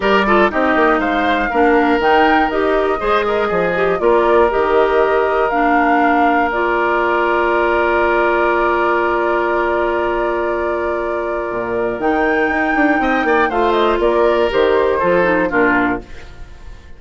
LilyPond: <<
  \new Staff \with { instrumentName = "flute" } { \time 4/4 \tempo 4 = 120 d''4 dis''4 f''2 | g''4 dis''2. | d''4 dis''2 f''4~ | f''4 d''2.~ |
d''1~ | d''1 | g''2. f''8 dis''8 | d''4 c''2 ais'4 | }
  \new Staff \with { instrumentName = "oboe" } { \time 4/4 ais'8 a'8 g'4 c''4 ais'4~ | ais'2 c''8 ais'8 gis'4 | ais'1~ | ais'1~ |
ais'1~ | ais'1~ | ais'2 dis''8 d''8 c''4 | ais'2 a'4 f'4 | }
  \new Staff \with { instrumentName = "clarinet" } { \time 4/4 g'8 f'8 dis'2 d'4 | dis'4 g'4 gis'4. g'8 | f'4 g'2 d'4~ | d'4 f'2.~ |
f'1~ | f'1 | dis'2. f'4~ | f'4 g'4 f'8 dis'8 d'4 | }
  \new Staff \with { instrumentName = "bassoon" } { \time 4/4 g4 c'8 ais8 gis4 ais4 | dis4 dis'4 gis4 f4 | ais4 dis2 ais4~ | ais1~ |
ais1~ | ais2. ais,4 | dis4 dis'8 d'8 c'8 ais8 a4 | ais4 dis4 f4 ais,4 | }
>>